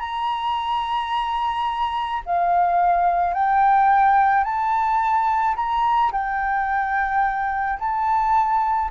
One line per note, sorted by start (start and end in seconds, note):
0.00 2.22 A#5
2.26 3.34 F5
3.34 4.44 G5
4.44 5.56 A5
5.56 6.12 A#5
6.13 7.79 G5
7.79 8.90 A5